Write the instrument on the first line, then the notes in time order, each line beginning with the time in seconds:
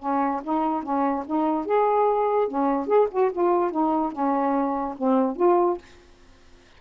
saxophone
0.00 C#4
0.44 D#4
0.84 C#4
1.27 D#4
1.66 G#4
2.48 C#4
2.88 G#4
3.11 F#4
3.33 F4
3.71 D#4
4.13 C#4
4.98 C4
5.37 F4